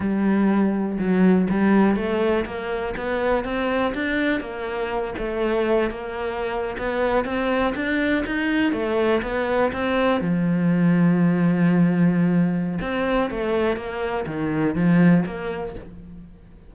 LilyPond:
\new Staff \with { instrumentName = "cello" } { \time 4/4 \tempo 4 = 122 g2 fis4 g4 | a4 ais4 b4 c'4 | d'4 ais4. a4. | ais4.~ ais16 b4 c'4 d'16~ |
d'8. dis'4 a4 b4 c'16~ | c'8. f2.~ f16~ | f2 c'4 a4 | ais4 dis4 f4 ais4 | }